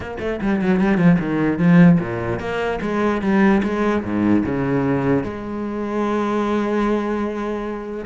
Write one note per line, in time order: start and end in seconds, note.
0.00 0.17 A#3
0.19 0.39 A3
0.41 0.61 G3
0.61 0.80 F#3
0.80 0.97 G3
0.97 1.17 F3
1.19 1.58 D#3
1.58 1.98 F3
2.00 2.39 A#2
2.39 2.79 A#3
2.81 3.21 G#3
3.21 3.62 G3
3.63 4.03 G#3
4.03 4.43 G#2
4.45 5.23 C#3
5.23 8.05 G#3